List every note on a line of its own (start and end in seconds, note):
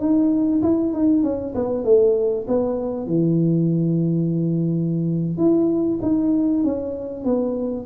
0.00 0.62 D#4
0.62 0.93 E4
0.93 1.23 D#4
1.23 1.54 C#4
1.54 1.84 B3
1.84 2.46 A3
2.47 3.06 B3
3.06 5.38 E3
5.38 5.99 E4
6.02 6.63 D#4
6.63 7.24 C#4
7.24 7.86 B3